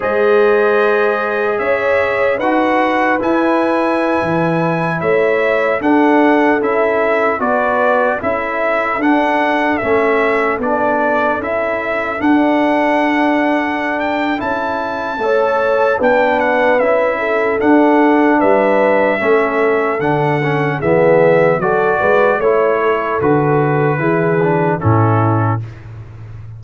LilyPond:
<<
  \new Staff \with { instrumentName = "trumpet" } { \time 4/4 \tempo 4 = 75 dis''2 e''4 fis''4 | gis''2~ gis''16 e''4 fis''8.~ | fis''16 e''4 d''4 e''4 fis''8.~ | fis''16 e''4 d''4 e''4 fis''8.~ |
fis''4. g''8 a''2 | g''8 fis''8 e''4 fis''4 e''4~ | e''4 fis''4 e''4 d''4 | cis''4 b'2 a'4 | }
  \new Staff \with { instrumentName = "horn" } { \time 4/4 c''2 cis''4 b'4~ | b'2~ b'16 cis''4 a'8.~ | a'4~ a'16 b'4 a'4.~ a'16~ | a'1~ |
a'2. cis''4 | b'4. a'4. b'4 | a'2 gis'4 a'8 b'8 | cis''8 a'4. gis'4 e'4 | }
  \new Staff \with { instrumentName = "trombone" } { \time 4/4 gis'2. fis'4 | e'2.~ e'16 d'8.~ | d'16 e'4 fis'4 e'4 d'8.~ | d'16 cis'4 d'4 e'4 d'8.~ |
d'2 e'4 a'4 | d'4 e'4 d'2 | cis'4 d'8 cis'8 b4 fis'4 | e'4 fis'4 e'8 d'8 cis'4 | }
  \new Staff \with { instrumentName = "tuba" } { \time 4/4 gis2 cis'4 dis'4 | e'4~ e'16 e4 a4 d'8.~ | d'16 cis'4 b4 cis'4 d'8.~ | d'16 a4 b4 cis'4 d'8.~ |
d'2 cis'4 a4 | b4 cis'4 d'4 g4 | a4 d4 e4 fis8 gis8 | a4 d4 e4 a,4 | }
>>